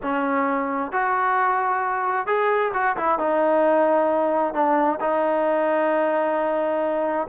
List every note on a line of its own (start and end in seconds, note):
0.02 0.92 C#4
0.92 2.26 F#4
2.26 2.72 G#4
2.73 2.96 F#4
2.97 3.18 E4
3.18 4.53 D#4
4.53 4.99 D4
5.00 7.27 D#4